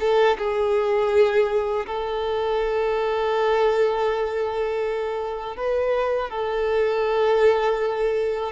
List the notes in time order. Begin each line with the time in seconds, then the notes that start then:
0.00 A4
0.38 G#4
1.86 A4
5.56 B4
6.30 A4